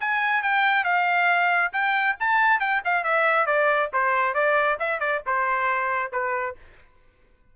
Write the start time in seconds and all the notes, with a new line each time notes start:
0.00 G#5
0.42 G5
0.84 F5
1.72 G5
2.19 A5
2.60 G5
2.84 F5
3.04 E5
3.46 D5
3.93 C5
4.34 D5
4.79 E5
5.00 D5
5.26 C5
6.12 B4